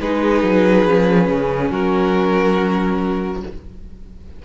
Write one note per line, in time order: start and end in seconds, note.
0.00 0.43 G#3
0.00 0.87 D#4
0.00 1.71 G#4
0.00 1.71 B4
0.43 0.85 F#3
0.85 1.27 F3
0.85 3.44 C#4
1.27 1.70 C#3
1.71 3.42 F#3
1.71 3.42 F#4
1.71 3.42 A#4